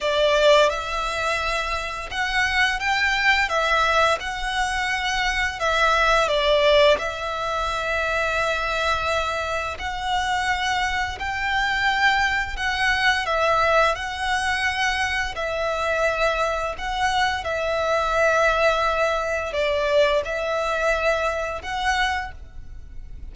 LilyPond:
\new Staff \with { instrumentName = "violin" } { \time 4/4 \tempo 4 = 86 d''4 e''2 fis''4 | g''4 e''4 fis''2 | e''4 d''4 e''2~ | e''2 fis''2 |
g''2 fis''4 e''4 | fis''2 e''2 | fis''4 e''2. | d''4 e''2 fis''4 | }